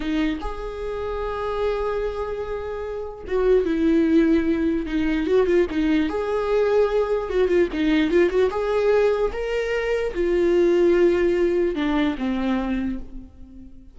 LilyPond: \new Staff \with { instrumentName = "viola" } { \time 4/4 \tempo 4 = 148 dis'4 gis'2.~ | gis'1 | fis'4 e'2. | dis'4 fis'8 f'8 dis'4 gis'4~ |
gis'2 fis'8 f'8 dis'4 | f'8 fis'8 gis'2 ais'4~ | ais'4 f'2.~ | f'4 d'4 c'2 | }